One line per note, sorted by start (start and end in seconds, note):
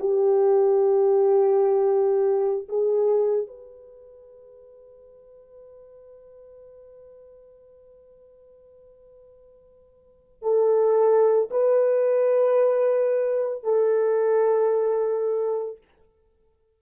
0.00 2.68 G4
2.69 3.47 G#4
3.47 10.43 B4
10.43 11.50 A4
11.51 13.64 B4
13.64 15.78 A4